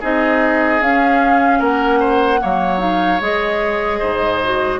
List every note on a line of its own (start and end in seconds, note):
0.00 0.80 C4
0.00 0.82 D#4
0.00 1.59 G#4
0.00 0.82 D#5
0.80 1.60 C#4
0.80 2.40 C#4
0.80 1.62 F5
1.59 2.40 A#3
1.59 1.99 A#4
1.59 2.80 F#5
2.00 2.40 C5
2.40 3.20 F#3
2.40 2.79 A#3
2.40 3.99 C#5
2.79 3.19 D#4
2.79 3.20 F5
3.20 4.00 G#3
3.20 4.41 G#4
3.20 4.80 D#5
3.99 4.80 G#2
3.99 4.79 C5
4.43 4.80 F#4